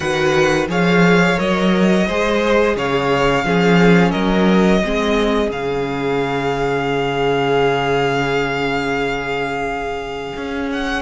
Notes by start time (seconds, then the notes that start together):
0.00 D#3 F#4 B4 F#5
0.68 F3 G#4 C#5 F5
1.36 F#3 A#4 D#5
2.07 G#3 G#4 C5
2.76 C#3 C#5 F5
3.44 F3 C#4 G#4
4.11 F#3 A#4 D#5
4.83 G#3 C4 G#4
5.49 C#3 C#4 F5
10.36 C#4
10.72 F#5